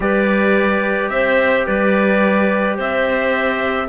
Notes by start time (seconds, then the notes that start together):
0.00 G3 G4 B4 D5
1.09 C4 C5 E5
1.66 G3 B4 D5
2.76 C4 C5 E5